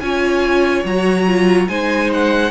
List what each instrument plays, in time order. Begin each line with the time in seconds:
0.00 cello C#4, viola F4, violin C#5 G#5
0.84 cello F#3, viola F#4, violin A#5
1.27 viola F4
1.68 cello G#3, viola D#4, violin C5 G#5
2.13 violin F#5